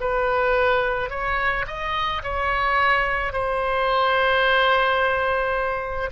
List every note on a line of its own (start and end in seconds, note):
0.00 1.09 B4
1.09 1.65 C#5
1.67 2.22 D#5
2.23 3.32 C#5
3.32 6.10 C5